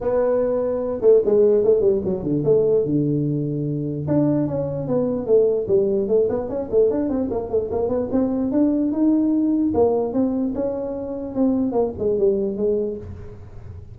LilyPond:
\new Staff \with { instrumentName = "tuba" } { \time 4/4 \tempo 4 = 148 b2~ b8 a8 gis4 | a8 g8 fis8 d8 a4 d4~ | d2 d'4 cis'4 | b4 a4 g4 a8 b8 |
cis'8 a8 d'8 c'8 ais8 a8 ais8 b8 | c'4 d'4 dis'2 | ais4 c'4 cis'2 | c'4 ais8 gis8 g4 gis4 | }